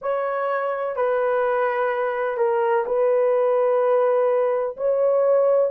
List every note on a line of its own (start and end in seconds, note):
0.01 0.96 C#5
0.96 2.37 B4
2.37 2.84 A#4
2.86 4.76 B4
4.76 5.71 C#5